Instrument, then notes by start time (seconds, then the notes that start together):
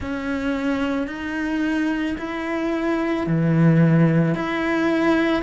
cello
0.00 C#4
1.07 D#4
2.18 E4
3.26 E3
4.34 E4